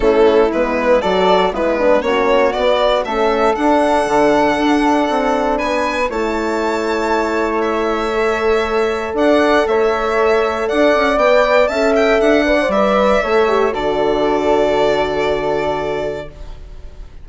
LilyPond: <<
  \new Staff \with { instrumentName = "violin" } { \time 4/4 \tempo 4 = 118 a'4 b'4 d''4 b'4 | cis''4 d''4 e''4 fis''4~ | fis''2. gis''4 | a''2. e''4~ |
e''2 fis''4 e''4~ | e''4 fis''4 g''4 a''8 g''8 | fis''4 e''2 d''4~ | d''1 | }
  \new Staff \with { instrumentName = "flute" } { \time 4/4 e'2 a'4 b4 | fis'2 a'2~ | a'2. b'4 | cis''1~ |
cis''2 d''4 cis''4~ | cis''4 d''2 e''4~ | e''8 d''4. cis''4 a'4~ | a'1 | }
  \new Staff \with { instrumentName = "horn" } { \time 4/4 cis'4 b4 fis'4 e'8 d'8 | cis'4 b4 cis'4 d'4~ | d'1 | e'1 |
a'1~ | a'2 b'4 a'4~ | a'8 b'16 c''16 b'4 a'8 g'8 fis'4~ | fis'1 | }
  \new Staff \with { instrumentName = "bassoon" } { \time 4/4 a4 gis4 fis4 gis4 | ais4 b4 a4 d'4 | d4 d'4 c'4 b4 | a1~ |
a2 d'4 a4~ | a4 d'8 cis'8 b4 cis'4 | d'4 g4 a4 d4~ | d1 | }
>>